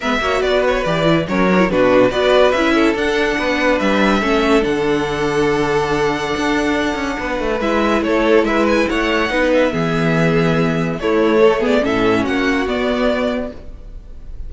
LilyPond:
<<
  \new Staff \with { instrumentName = "violin" } { \time 4/4 \tempo 4 = 142 e''4 d''8 cis''8 d''4 cis''4 | b'4 d''4 e''4 fis''4~ | fis''4 e''2 fis''4~ | fis''1~ |
fis''2 e''4 cis''4 | e''8 gis''8 fis''4. e''4.~ | e''2 cis''4. d''8 | e''4 fis''4 d''2 | }
  \new Staff \with { instrumentName = "violin" } { \time 4/4 b'8 cis''8 b'2 ais'4 | fis'4 b'4. a'4. | b'2 a'2~ | a'1~ |
a'4 b'2 a'4 | b'4 cis''4 b'4 gis'4~ | gis'2 e'4 a'8 gis'8 | a'4 fis'2. | }
  \new Staff \with { instrumentName = "viola" } { \time 4/4 b8 fis'4. g'8 e'8 cis'8 d'16 e'16 | d'4 fis'4 e'4 d'4~ | d'2 cis'4 d'4~ | d'1~ |
d'2 e'2~ | e'2 dis'4 b4~ | b2 a4. b8 | cis'2 b2 | }
  \new Staff \with { instrumentName = "cello" } { \time 4/4 gis8 ais8 b4 e4 fis4 | b,4 b4 cis'4 d'4 | b4 g4 a4 d4~ | d2. d'4~ |
d'8 cis'8 b8 a8 gis4 a4 | gis4 a4 b4 e4~ | e2 a2 | a,4 ais4 b2 | }
>>